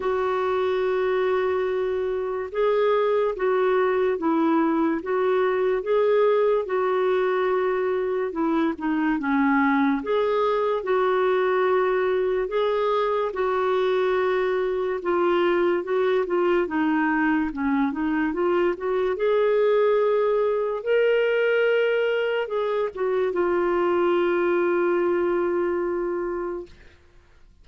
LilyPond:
\new Staff \with { instrumentName = "clarinet" } { \time 4/4 \tempo 4 = 72 fis'2. gis'4 | fis'4 e'4 fis'4 gis'4 | fis'2 e'8 dis'8 cis'4 | gis'4 fis'2 gis'4 |
fis'2 f'4 fis'8 f'8 | dis'4 cis'8 dis'8 f'8 fis'8 gis'4~ | gis'4 ais'2 gis'8 fis'8 | f'1 | }